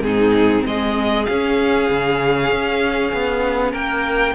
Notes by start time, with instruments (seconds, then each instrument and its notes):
0.00 cello G#2, viola C4, violin D#4 G#4
0.65 cello G#3, violin G#4 D#5
1.25 viola C#4, cello C#4, violin F5
1.90 cello C#3
2.51 cello C#4
3.13 cello B3
3.71 cello A#3, violin A#4 G5